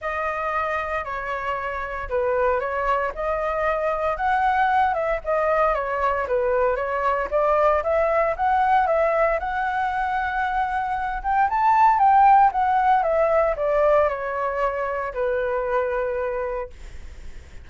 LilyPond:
\new Staff \with { instrumentName = "flute" } { \time 4/4 \tempo 4 = 115 dis''2 cis''2 | b'4 cis''4 dis''2 | fis''4. e''8 dis''4 cis''4 | b'4 cis''4 d''4 e''4 |
fis''4 e''4 fis''2~ | fis''4. g''8 a''4 g''4 | fis''4 e''4 d''4 cis''4~ | cis''4 b'2. | }